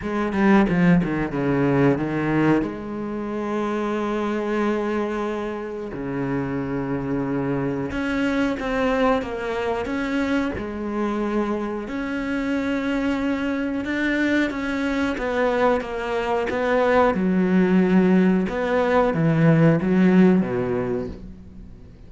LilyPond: \new Staff \with { instrumentName = "cello" } { \time 4/4 \tempo 4 = 91 gis8 g8 f8 dis8 cis4 dis4 | gis1~ | gis4 cis2. | cis'4 c'4 ais4 cis'4 |
gis2 cis'2~ | cis'4 d'4 cis'4 b4 | ais4 b4 fis2 | b4 e4 fis4 b,4 | }